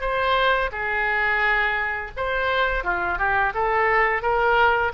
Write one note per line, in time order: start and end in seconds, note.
0.00 0.70 C5
0.71 2.11 G#4
2.16 2.84 C5
2.84 3.18 F4
3.18 3.53 G4
3.54 4.22 A4
4.22 4.92 A#4